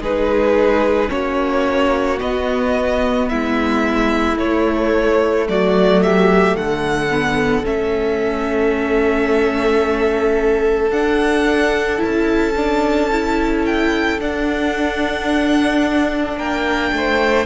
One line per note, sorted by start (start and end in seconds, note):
0.00 1.09 G#3
0.00 1.08 D#4
0.00 1.10 G#4
0.00 1.10 B4
1.08 2.21 A#3
1.08 2.17 C#4
1.08 3.30 F#4
1.08 2.19 C#5
2.19 4.37 B3
2.19 3.31 B3
2.19 3.28 D#5
3.28 4.38 G#3
3.28 5.48 E4
3.28 4.37 E5
4.37 7.09 A3
4.37 5.47 A3
4.37 5.47 C#5
5.47 6.56 F#3
5.47 6.03 F#4
5.47 6.02 D5
6.02 6.58 G4
6.02 6.56 E5
6.56 7.65 D3
6.56 16.37 A4
6.56 7.65 F#5
7.10 7.64 B3
7.64 10.90 A3
7.64 10.91 C#4
7.64 10.91 E5
10.90 11.99 D4
10.90 11.97 D4
10.90 12.00 F#5
11.97 12.52 E4
12.04 14.19 C#4
12.04 13.65 A5
12.56 13.10 D4
13.11 14.20 E4
13.65 14.20 G5
14.19 16.37 D4
14.19 17.46 D4
14.19 16.38 F#5
16.37 16.91 A#3
16.37 16.92 A#4
16.37 17.46 G5
16.92 17.46 A3
16.92 17.46 C5